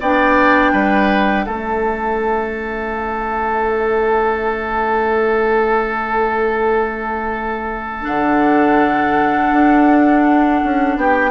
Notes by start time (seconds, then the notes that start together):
0.00 B3 D4 D5 G5
0.72 G3 B4
1.46 A3 C#4 A4 E5
8.02 D3 D4 F#5
9.52 D4
10.64 C#4
10.96 B3 G4 G5